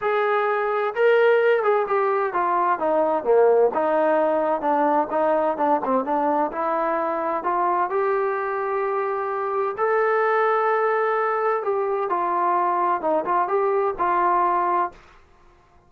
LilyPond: \new Staff \with { instrumentName = "trombone" } { \time 4/4 \tempo 4 = 129 gis'2 ais'4. gis'8 | g'4 f'4 dis'4 ais4 | dis'2 d'4 dis'4 | d'8 c'8 d'4 e'2 |
f'4 g'2.~ | g'4 a'2.~ | a'4 g'4 f'2 | dis'8 f'8 g'4 f'2 | }